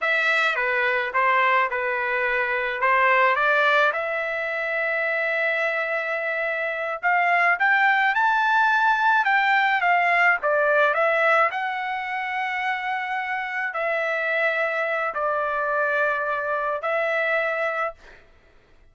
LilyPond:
\new Staff \with { instrumentName = "trumpet" } { \time 4/4 \tempo 4 = 107 e''4 b'4 c''4 b'4~ | b'4 c''4 d''4 e''4~ | e''1~ | e''8 f''4 g''4 a''4.~ |
a''8 g''4 f''4 d''4 e''8~ | e''8 fis''2.~ fis''8~ | fis''8 e''2~ e''8 d''4~ | d''2 e''2 | }